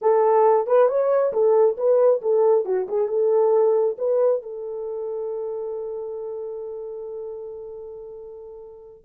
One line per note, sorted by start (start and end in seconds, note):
0.01 0.66 A4
0.66 0.88 B4
0.88 1.32 C#5
1.32 1.76 A4
1.77 2.21 B4
2.21 2.65 A4
2.65 2.87 F#4
2.88 3.08 G#4
3.08 3.96 A4
3.98 4.42 B4
4.42 9.04 A4